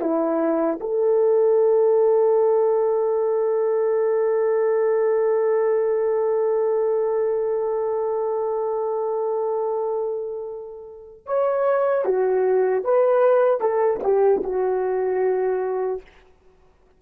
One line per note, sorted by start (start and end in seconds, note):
0.00 0.79 E4
0.80 11.26 A4
11.26 12.05 C#5
12.05 12.84 F#4
12.84 13.60 B4
13.60 14.00 A4
14.03 14.42 G4
14.43 16.01 F#4